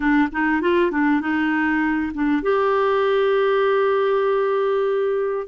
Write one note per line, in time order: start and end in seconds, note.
0.00 0.28 D4
0.32 0.61 D#4
0.61 0.91 F4
0.91 1.20 D4
1.20 2.12 D#4
2.14 2.42 D4
2.42 5.47 G4